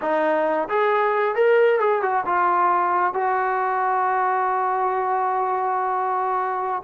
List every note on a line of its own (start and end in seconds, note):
0.01 0.68 D#4
0.68 1.35 G#4
1.35 1.79 A#4
1.79 2.01 G#4
2.01 2.24 F#4
2.25 3.13 F4
3.13 6.83 F#4